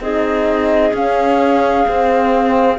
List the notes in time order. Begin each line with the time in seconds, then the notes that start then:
0.00 C4 D#4 G#4 D#5
0.93 C#4 F5
1.85 C4